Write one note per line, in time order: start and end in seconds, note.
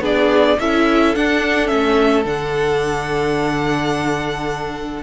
0.00 0.56 B3
0.00 0.57 D4
0.00 0.58 G#4
0.00 0.59 D5
0.59 1.15 C#4
0.59 1.15 E4
0.59 5.02 A4
0.59 1.15 E5
1.15 1.67 D4
1.15 1.71 D4
1.15 1.67 F#5
1.67 2.25 A3
1.67 2.23 C#4
1.67 2.23 E5
2.25 5.02 D3
2.25 5.02 D4
2.25 5.02 F#5